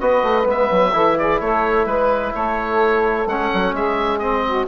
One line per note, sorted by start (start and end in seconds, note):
0.00 0.23 B3
0.00 0.43 F#4
0.00 0.93 B4
0.00 0.47 D#5
0.23 0.45 A3
0.43 0.69 G#3
0.43 0.90 B3
0.50 1.18 E5
0.71 0.93 F#3
0.92 1.40 E3
0.92 3.27 E4
0.92 1.17 A4
1.18 1.41 G#4
1.18 1.40 D5
1.40 1.86 A3
1.40 1.88 A4
1.40 1.86 C#5
1.86 2.33 G#3
1.86 2.33 B4
1.86 2.35 B4
2.35 3.26 A3
2.35 3.75 A4
2.35 3.28 C#5
3.26 3.50 G#3
3.26 4.21 C#4
3.26 3.75 F#5
3.54 3.73 F#3
3.73 4.67 G#3
3.73 4.45 G#4
3.73 4.19 E5
4.19 4.67 C4
4.19 4.66 D#5
4.46 4.68 F#4